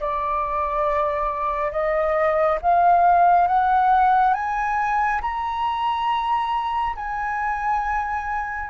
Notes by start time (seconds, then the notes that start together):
0.00 D5
1.72 D#5
2.62 F5
3.47 F#5
4.34 G#5
5.21 A#5
6.96 G#5